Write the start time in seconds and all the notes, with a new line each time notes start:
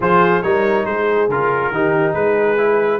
0.00 F3 F4 G#4 C5
0.42 G3 D#4 A#4 C#5
0.85 G#3 G#4 C5
1.28 C#3 F4 A#4
1.71 D#3 D#4 G4
2.14 G#3 G#4 B4
2.57 E4